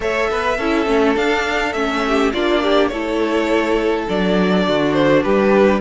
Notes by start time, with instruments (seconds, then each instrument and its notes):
0.00 cello A3, viola A4, violin C#5 E5
0.29 cello B3, violin B4
0.57 cello C#4, viola E4, violin A4
0.86 cello A3, viola C#4
1.14 viola D4, cello D4, violin F5
1.73 cello A3, viola C#4, violin E5
2.07 violin G4
2.33 cello A#3, viola D4, violin F4 D5
2.62 violin G4
2.87 cello A3, viola E4, violin A4 C#5
4.08 cello F#3, viola D4, violin D5
4.67 cello D3, violin F#4
4.93 violin C5
5.23 cello G3, violin G4 B4